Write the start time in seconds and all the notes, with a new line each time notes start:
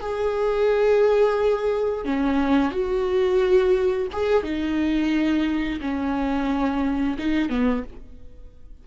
0.00 G#4
2.05 C#4
2.71 F#4
4.12 G#4
4.43 D#4
5.81 C#4
7.18 D#4
7.49 B3